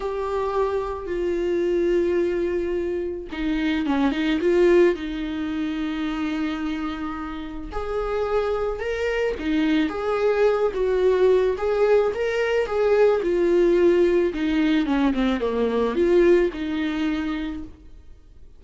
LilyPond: \new Staff \with { instrumentName = "viola" } { \time 4/4 \tempo 4 = 109 g'2 f'2~ | f'2 dis'4 cis'8 dis'8 | f'4 dis'2.~ | dis'2 gis'2 |
ais'4 dis'4 gis'4. fis'8~ | fis'4 gis'4 ais'4 gis'4 | f'2 dis'4 cis'8 c'8 | ais4 f'4 dis'2 | }